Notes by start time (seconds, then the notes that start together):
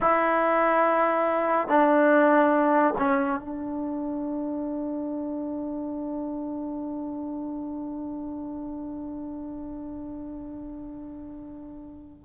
0.00 E4
1.67 D4
2.98 C#4
3.40 D4